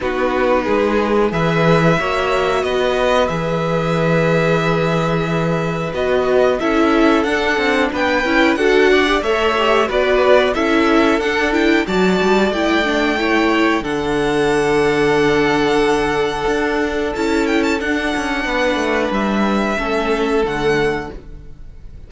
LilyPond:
<<
  \new Staff \with { instrumentName = "violin" } { \time 4/4 \tempo 4 = 91 b'2 e''2 | dis''4 e''2.~ | e''4 dis''4 e''4 fis''4 | g''4 fis''4 e''4 d''4 |
e''4 fis''8 g''8 a''4 g''4~ | g''4 fis''2.~ | fis''2 a''8 g''16 a''16 fis''4~ | fis''4 e''2 fis''4 | }
  \new Staff \with { instrumentName = "violin" } { \time 4/4 fis'4 gis'4 b'4 cis''4 | b'1~ | b'2 a'2 | b'4 a'8 d''8 cis''4 b'4 |
a'2 d''2 | cis''4 a'2.~ | a'1 | b'2 a'2 | }
  \new Staff \with { instrumentName = "viola" } { \time 4/4 dis'2 gis'4 fis'4~ | fis'4 gis'2.~ | gis'4 fis'4 e'4 d'4~ | d'8 e'8 fis'8. g'16 a'8 g'8 fis'4 |
e'4 d'8 e'8 fis'4 e'8 d'8 | e'4 d'2.~ | d'2 e'4 d'4~ | d'2 cis'4 a4 | }
  \new Staff \with { instrumentName = "cello" } { \time 4/4 b4 gis4 e4 ais4 | b4 e2.~ | e4 b4 cis'4 d'8 c'8 | b8 cis'8 d'4 a4 b4 |
cis'4 d'4 fis8 g8 a4~ | a4 d2.~ | d4 d'4 cis'4 d'8 cis'8 | b8 a8 g4 a4 d4 | }
>>